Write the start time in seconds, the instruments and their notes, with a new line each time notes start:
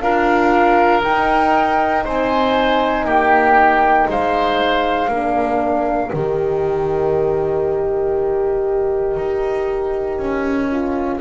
0.00 double bass D4, horn F4, oboe A#4, flute F5
1.03 horn D#4, double bass D#4, flute G5
2.04 double bass C4, oboe C5, flute G#5
3.05 double bass A#3, oboe G4, flute G5
4.09 double bass G#3, oboe C5, flute F5
5.09 double bass A#3, horn D4, oboe A#4
6.11 double bass D#3, horn G4, flute D#5
9.17 double bass D#4
10.19 double bass C#4
10.71 horn F4